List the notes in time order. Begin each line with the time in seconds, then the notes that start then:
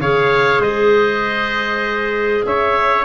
0.00 C#3 G#4 C#5 F5
0.59 G#3 C5 D#5
2.46 C#4 C#5 E5